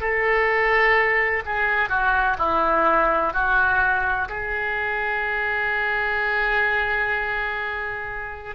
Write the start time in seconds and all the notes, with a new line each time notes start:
0.00 A4
1.45 G#4
1.89 F#4
2.38 E4
3.33 F#4
4.29 G#4